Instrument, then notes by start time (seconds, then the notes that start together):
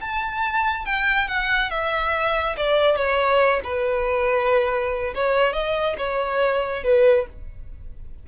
violin
0.00 A5
0.85 G5
1.28 F#5
1.70 E5
2.56 D5
2.96 C#5
3.64 B4
5.14 C#5
5.52 D#5
5.97 C#5
6.83 B4